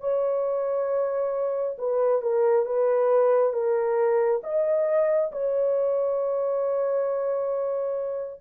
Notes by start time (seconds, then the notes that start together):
0.00 C#5
1.78 B4
2.21 A#4
2.66 B4
3.53 A#4
4.43 D#5
5.31 C#5